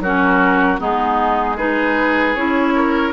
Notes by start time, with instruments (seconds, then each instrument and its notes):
0.00 bassoon F#3, clarinet C#4, oboe F#4, flute A#4
0.78 bassoon G#3, clarinet B3, oboe D#4, flute G#4
1.57 clarinet D#4, oboe G#4, flute B4
2.35 bassoon C#4, clarinet E4, flute C#5
2.75 oboe A#4